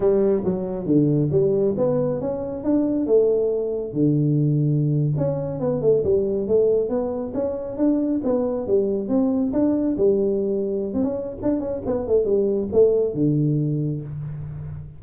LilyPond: \new Staff \with { instrumentName = "tuba" } { \time 4/4 \tempo 4 = 137 g4 fis4 d4 g4 | b4 cis'4 d'4 a4~ | a4 d2~ d8. cis'16~ | cis'8. b8 a8 g4 a4 b16~ |
b8. cis'4 d'4 b4 g16~ | g8. c'4 d'4 g4~ g16~ | g4 c'16 cis'8. d'8 cis'8 b8 a8 | g4 a4 d2 | }